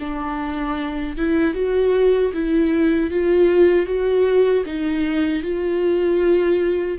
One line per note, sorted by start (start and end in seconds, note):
0.00 1.17 D4
1.18 1.54 E4
1.54 2.32 F#4
2.34 3.11 E4
3.11 3.86 F4
3.86 4.64 F#4
4.66 5.43 D#4
5.43 6.98 F4